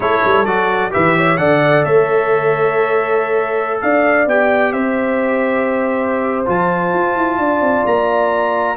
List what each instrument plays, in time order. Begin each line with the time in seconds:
0.00 tuba A3, trombone E4, horn A4, trumpet C#5
0.24 tuba G3
0.45 tuba F#3, trombone F#4, trumpet D5
0.91 tuba E3, trombone G4, horn B4, trumpet E5
1.16 horn C#5
1.37 tuba D3, trombone A4, horn D5, trumpet F#5
1.84 tuba A3, horn C#5, trumpet E5
3.81 tuba D4, horn D5, trumpet F5
4.26 tuba B3, trombone G4, trumpet G5
4.72 tuba C4, horn C5, trumpet E5
6.45 tuba F3, trombone F4, trumpet A5
6.93 tuba F4
7.15 tuba E4
7.37 tuba D4, horn D5
7.61 tuba C4
7.85 tuba A#3, trumpet A#5